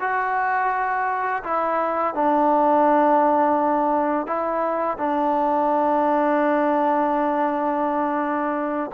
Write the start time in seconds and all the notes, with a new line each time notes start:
0.00 F#4
1.44 E4
2.15 D4
4.27 E4
4.98 D4